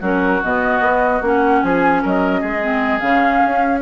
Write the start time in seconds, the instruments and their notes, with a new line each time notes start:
0.00 bassoon F#3, clarinet C#4, oboe F#4, flute A#4
0.43 bassoon B2, clarinet B3, flute D#5
0.80 bassoon B3
1.21 bassoon A#3, clarinet C#4, flute F#5
1.62 bassoon F3, oboe G#4, flute G#5
2.02 bassoon F#3, oboe A#4, flute D#5
2.40 bassoon G#3, oboe G#4
2.61 clarinet C4
2.99 bassoon C#3, clarinet C#4, flute F5
3.46 bassoon C#4